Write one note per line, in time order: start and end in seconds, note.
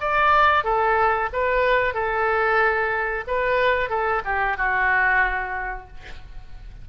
0.00 0.63 D5
0.63 1.29 A4
1.33 1.94 B4
1.94 3.24 A4
3.27 3.89 B4
3.89 4.22 A4
4.25 4.57 G4
4.57 5.87 F#4